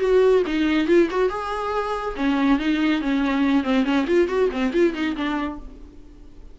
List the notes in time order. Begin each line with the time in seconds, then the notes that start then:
0.00 F#4
0.47 D#4
0.88 F4
1.11 F#4
1.30 G#4
2.16 C#4
2.59 D#4
3.01 C#4
3.64 C4
3.85 C#4
4.07 F4
4.28 F#4
4.52 C4
4.73 F4
4.94 D#4
5.17 D4